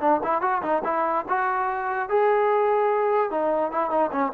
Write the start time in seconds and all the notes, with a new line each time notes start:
0.00 D4
0.24 E4
0.41 F#4
0.62 D#4
0.84 E4
1.29 F#4
2.09 G#4
3.31 D#4
3.71 E4
3.90 D#4
4.12 C#4